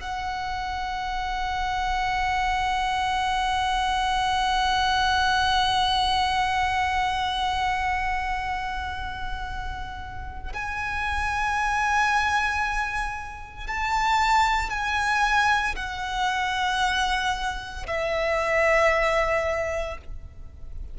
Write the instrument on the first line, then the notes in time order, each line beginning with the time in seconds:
violin
0.00 F#5
10.53 G#5
13.67 A5
14.70 G#5
15.76 F#5
17.87 E5